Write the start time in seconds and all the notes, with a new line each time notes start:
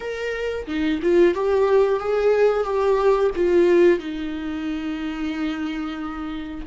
0.00 A#4
0.66 D#4
1.02 F4
1.34 G4
1.99 G#4
2.63 G4
3.35 F4
3.99 D#4